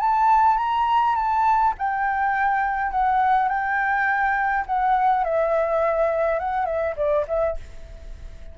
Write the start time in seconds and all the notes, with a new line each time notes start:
0.00 A5
0.58 A#5
1.16 A5
1.78 G5
2.92 F#5
3.49 G5
4.67 F#5
5.25 E5
6.40 F#5
6.66 E5
6.97 D5
7.28 E5